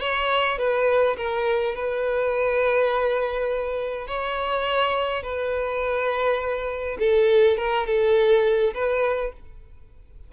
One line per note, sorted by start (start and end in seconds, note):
0.00 0.58 C#5
0.58 1.16 B4
1.17 1.75 A#4
1.75 4.07 B4
4.07 5.23 C#5
5.23 6.97 B4
6.99 7.57 A4
7.57 7.86 A#4
7.86 8.74 A4
8.74 9.32 B4